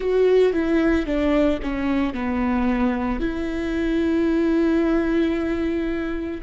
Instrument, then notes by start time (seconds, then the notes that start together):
viola
0.00 F#4
0.52 E4
1.06 D4
1.62 C#4
2.13 B3
3.19 E4